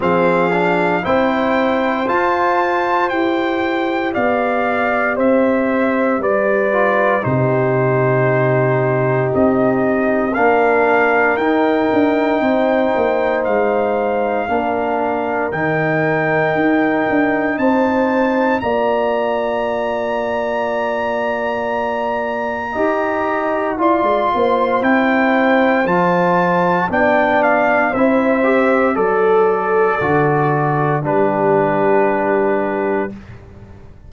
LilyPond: <<
  \new Staff \with { instrumentName = "trumpet" } { \time 4/4 \tempo 4 = 58 f''4 g''4 a''4 g''4 | f''4 e''4 d''4 c''4~ | c''4 dis''4 f''4 g''4~ | g''4 f''2 g''4~ |
g''4 a''4 ais''2~ | ais''2. c'''4 | g''4 a''4 g''8 f''8 e''4 | d''2 b'2 | }
  \new Staff \with { instrumentName = "horn" } { \time 4/4 gis'4 c''2. | d''4 c''4 b'4 g'4~ | g'2 ais'2 | c''2 ais'2~ |
ais'4 c''4 d''2~ | d''2 dis''4 d''8 c''8~ | c''2 d''4 c''4 | a'2 g'2 | }
  \new Staff \with { instrumentName = "trombone" } { \time 4/4 c'8 d'8 e'4 f'4 g'4~ | g'2~ g'8 f'8 dis'4~ | dis'2 d'4 dis'4~ | dis'2 d'4 dis'4~ |
dis'2 f'2~ | f'2 g'4 f'4 | e'4 f'4 d'4 e'8 g'8 | a'4 fis'4 d'2 | }
  \new Staff \with { instrumentName = "tuba" } { \time 4/4 f4 c'4 f'4 e'4 | b4 c'4 g4 c4~ | c4 c'4 ais4 dis'8 d'8 | c'8 ais8 gis4 ais4 dis4 |
dis'8 d'8 c'4 ais2~ | ais2 dis'4 e'16 gis16 ais8 | c'4 f4 b4 c'4 | fis4 d4 g2 | }
>>